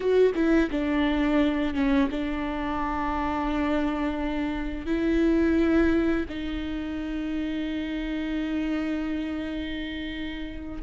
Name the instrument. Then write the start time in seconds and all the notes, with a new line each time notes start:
viola
0.00 F#4
0.35 E4
0.70 D4
1.74 C#4
2.10 D4
4.86 E4
6.28 D#4